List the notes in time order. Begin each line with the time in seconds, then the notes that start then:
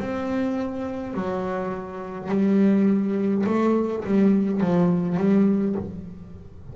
0.00 C4
1.14 F#3
2.29 G3
3.47 A3
4.05 G3
4.60 F3
5.18 G3